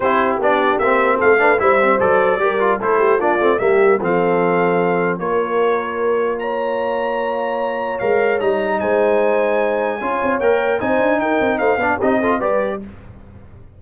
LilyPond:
<<
  \new Staff \with { instrumentName = "trumpet" } { \time 4/4 \tempo 4 = 150 c''4 d''4 e''4 f''4 | e''4 d''2 c''4 | d''4 e''4 f''2~ | f''4 cis''2. |
ais''1 | f''4 ais''4 gis''2~ | gis''2 g''4 gis''4 | g''4 f''4 dis''4 d''4 | }
  \new Staff \with { instrumentName = "horn" } { \time 4/4 g'2. a'8 b'8 | c''2 ais'4 a'8 g'8 | f'4 g'4 a'2~ | a'4 ais'2. |
cis''1~ | cis''2 c''2~ | c''4 cis''2 c''4 | ais'4 c''8 d''8 g'8 a'8 b'4 | }
  \new Staff \with { instrumentName = "trombone" } { \time 4/4 e'4 d'4 c'4. d'8 | e'8 c'8 a'4 g'8 f'8 e'4 | d'8 c'8 ais4 c'2~ | c'4 f'2.~ |
f'1 | ais'4 dis'2.~ | dis'4 f'4 ais'4 dis'4~ | dis'4. d'8 dis'8 f'8 g'4 | }
  \new Staff \with { instrumentName = "tuba" } { \time 4/4 c'4 b4 ais4 a4 | g4 fis4 g4 a4 | ais8 a8 g4 f2~ | f4 ais2.~ |
ais1 | gis4 g4 gis2~ | gis4 cis'8 c'8 ais4 c'8 d'8 | dis'8 c'8 a8 b8 c'4 g4 | }
>>